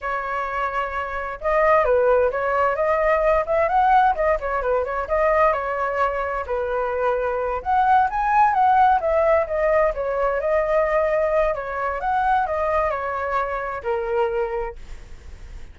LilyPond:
\new Staff \with { instrumentName = "flute" } { \time 4/4 \tempo 4 = 130 cis''2. dis''4 | b'4 cis''4 dis''4. e''8 | fis''4 dis''8 cis''8 b'8 cis''8 dis''4 | cis''2 b'2~ |
b'8 fis''4 gis''4 fis''4 e''8~ | e''8 dis''4 cis''4 dis''4.~ | dis''4 cis''4 fis''4 dis''4 | cis''2 ais'2 | }